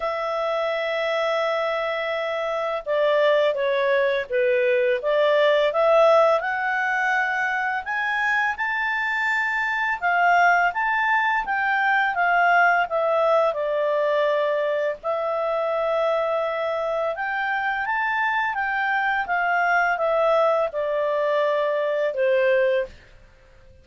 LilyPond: \new Staff \with { instrumentName = "clarinet" } { \time 4/4 \tempo 4 = 84 e''1 | d''4 cis''4 b'4 d''4 | e''4 fis''2 gis''4 | a''2 f''4 a''4 |
g''4 f''4 e''4 d''4~ | d''4 e''2. | g''4 a''4 g''4 f''4 | e''4 d''2 c''4 | }